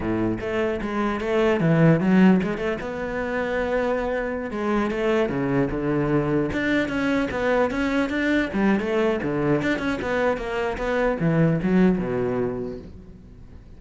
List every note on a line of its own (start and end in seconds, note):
0.00 0.37 A2
0.40 0.80 A3
0.81 1.20 G#3
1.20 1.60 A3
1.60 2.00 E3
2.00 2.40 F#3
2.42 2.57 G#3
2.57 2.77 A3
2.80 4.50 B3
4.50 4.90 G#3
4.90 5.29 A3
5.29 5.69 C#3
5.70 6.50 D3
6.52 6.88 D4
6.88 7.28 C#4
7.30 7.70 B3
7.70 8.09 C#4
8.09 8.49 D4
8.53 8.79 G3
8.79 9.19 A3
9.22 9.62 D3
9.62 9.78 D4
9.78 9.98 C#4
10.01 10.37 B3
10.37 10.77 A#3
10.77 11.17 B3
11.19 11.59 E3
11.62 11.98 F#3
11.98 12.78 B2